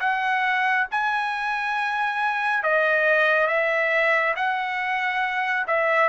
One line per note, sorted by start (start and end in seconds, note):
0.00 0.87 F#5
0.91 2.63 G#5
2.63 3.47 D#5
3.47 4.34 E5
4.36 5.66 F#5
5.67 6.09 E5